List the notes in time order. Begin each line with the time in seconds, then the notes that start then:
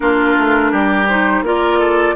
0.00 A#3 D4 F4 A#4
0.37 A3
0.71 G3 G4
1.08 D#4 C5
1.42 A#3 F4 A#4 D5
1.78 A4